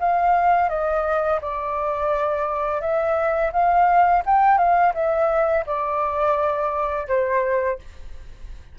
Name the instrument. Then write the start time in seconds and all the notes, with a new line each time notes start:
flute
0.00 F5
0.69 D#5
1.41 D5
2.81 E5
3.53 F5
4.26 G5
4.58 F5
4.94 E5
5.66 D5
7.08 C5